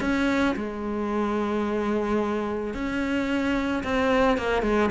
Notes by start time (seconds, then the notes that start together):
0.00 C#4
0.56 G#3
2.74 C#4
3.83 C4
4.37 A#3
4.62 G#3